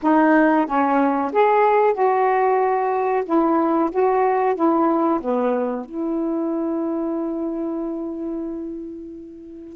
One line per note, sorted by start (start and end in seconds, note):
0.02 0.66 D#4
0.66 1.31 C#4
1.32 1.93 G#4
1.93 3.24 F#4
3.25 3.90 E4
3.91 4.55 F#4
4.55 5.20 E4
5.20 5.85 B3
5.85 9.76 E4